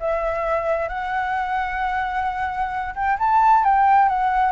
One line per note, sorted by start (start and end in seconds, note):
0.00 0.89 E5
0.89 2.95 F#5
2.95 3.18 G5
3.19 3.65 A5
3.65 4.09 G5
4.09 4.52 F#5